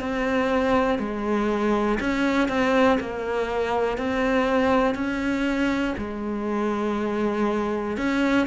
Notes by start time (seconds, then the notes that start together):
0.00 C4
0.99 G#3
2.00 C#4
2.49 C4
3.00 A#3
3.98 C4
4.95 C#4
5.98 G#3
7.98 C#4